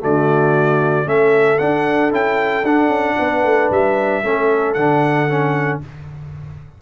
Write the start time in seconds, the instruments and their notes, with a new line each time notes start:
0.00 tuba D3, trombone A3, horn F#4, trumpet D5
1.05 tuba A3, trombone C#4, horn A4, trumpet E5
1.59 tuba D4, trombone D4, trumpet F#5
2.12 tuba C#4, trombone E4, trumpet G5
2.64 tuba D4, trombone D4, trumpet F#5
2.88 tuba C#4
3.19 tuba B3, horn B4
3.44 tuba A3
3.71 tuba G3, trumpet E5
4.24 tuba A3, trombone C#4, horn A4
4.74 tuba D3, trombone D4, trumpet F#5
5.29 trombone C#4